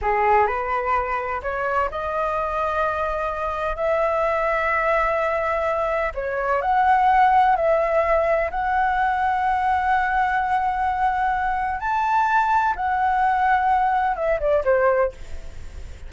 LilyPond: \new Staff \with { instrumentName = "flute" } { \time 4/4 \tempo 4 = 127 gis'4 b'2 cis''4 | dis''1 | e''1~ | e''4 cis''4 fis''2 |
e''2 fis''2~ | fis''1~ | fis''4 a''2 fis''4~ | fis''2 e''8 d''8 c''4 | }